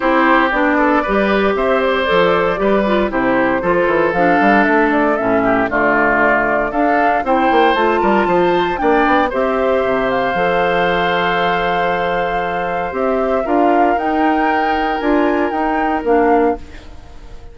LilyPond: <<
  \new Staff \with { instrumentName = "flute" } { \time 4/4 \tempo 4 = 116 c''4 d''2 e''8 d''8~ | d''2 c''2 | f''4 e''8 d''8 e''4 d''4~ | d''4 f''4 g''4 a''4~ |
a''4 g''4 e''4. f''8~ | f''1~ | f''4 e''4 f''4 g''4~ | g''4 gis''4 g''4 f''4 | }
  \new Staff \with { instrumentName = "oboe" } { \time 4/4 g'4. a'8 b'4 c''4~ | c''4 b'4 g'4 a'4~ | a'2~ a'8 g'8 f'4~ | f'4 a'4 c''4. ais'8 |
c''4 d''4 c''2~ | c''1~ | c''2 ais'2~ | ais'1 | }
  \new Staff \with { instrumentName = "clarinet" } { \time 4/4 e'4 d'4 g'2 | a'4 g'8 f'8 e'4 f'4 | d'2 cis'4 a4~ | a4 d'4 e'4 f'4~ |
f'4 d'4 g'2 | a'1~ | a'4 g'4 f'4 dis'4~ | dis'4 f'4 dis'4 d'4 | }
  \new Staff \with { instrumentName = "bassoon" } { \time 4/4 c'4 b4 g4 c'4 | f4 g4 c4 f8 e8 | f8 g8 a4 a,4 d4~ | d4 d'4 c'8 ais8 a8 g8 |
f4 ais8 b8 c'4 c4 | f1~ | f4 c'4 d'4 dis'4~ | dis'4 d'4 dis'4 ais4 | }
>>